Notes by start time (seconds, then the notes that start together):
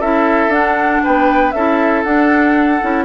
0.00 C#4 E4 A4 E5
0.48 D4 F#5
1.04 B3 B4 G5
1.52 C#4 E4 A4 E5
2.03 D4 F#5
2.82 C#4 E4